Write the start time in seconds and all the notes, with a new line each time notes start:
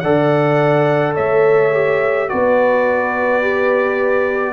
0.00 D3 A4 D5 F#5
1.15 A3 C#5 E5
1.72 G4
2.29 B3 F#4 B4 D5
3.42 G4